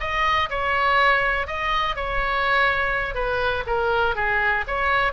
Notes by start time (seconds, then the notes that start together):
0.00 D#5
0.50 C#5
1.47 D#5
1.96 C#5
3.15 B4
3.66 A#4
4.15 G#4
4.67 C#5